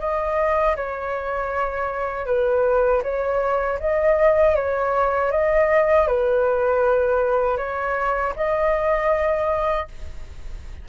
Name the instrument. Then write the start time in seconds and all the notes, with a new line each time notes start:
flute
0.00 D#5
0.76 C#5
2.26 B4
3.03 C#5
3.80 D#5
4.56 C#5
5.31 D#5
6.08 B4
7.57 C#5
8.36 D#5